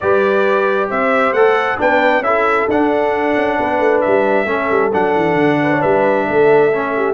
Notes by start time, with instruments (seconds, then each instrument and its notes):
0.00 tuba G3, trombone G4, horn B4, trumpet D5
0.89 tuba C4, horn C5, trumpet E5
1.32 tuba A3, trombone A4, trumpet F#5
1.77 tuba B3, trombone D4, horn B4, trumpet G5
2.19 tuba C#4, trombone E4, trumpet E5
2.26 horn A4
2.68 tuba D4, trombone D4, trumpet F#5
3.36 tuba C#4
3.58 tuba B3, horn B4
3.79 tuba A3
4.00 tuba G3, trumpet E5
4.45 tuba A3, trombone C#4, horn A4
4.70 tuba G3
4.93 tuba F#3, trombone D4, trumpet F#5
5.15 tuba E3
5.34 tuba D3
5.63 horn B4
5.72 horn C#5
5.81 tuba G3, horn B4, trumpet E5
6.27 tuba A3, horn A4
6.72 trombone C#4
6.96 horn G4